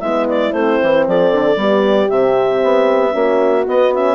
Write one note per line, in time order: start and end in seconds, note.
0.00 0.52 G#3
0.00 0.53 B3
0.00 1.05 E4
0.00 0.26 E5
0.29 0.52 D5
0.52 0.78 A3
0.52 1.57 C4
0.52 1.05 C5
0.82 1.07 E3
1.07 1.32 F3
1.07 1.59 A4
1.07 2.09 D5
1.32 1.56 D3
1.56 2.08 G3
1.56 2.09 B3
1.56 3.14 G4
2.09 2.62 C3
2.09 3.10 C4
2.09 3.66 E5
2.63 3.14 B3
3.10 3.66 A#3
3.10 3.62 C#4
3.10 4.15 F#4
3.66 3.92 B3
3.66 4.15 B3
3.66 3.93 D#5
3.93 4.15 C#4
3.93 4.15 E5